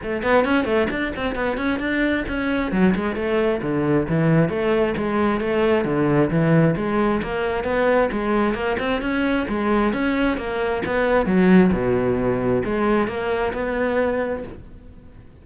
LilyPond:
\new Staff \with { instrumentName = "cello" } { \time 4/4 \tempo 4 = 133 a8 b8 cis'8 a8 d'8 c'8 b8 cis'8 | d'4 cis'4 fis8 gis8 a4 | d4 e4 a4 gis4 | a4 d4 e4 gis4 |
ais4 b4 gis4 ais8 c'8 | cis'4 gis4 cis'4 ais4 | b4 fis4 b,2 | gis4 ais4 b2 | }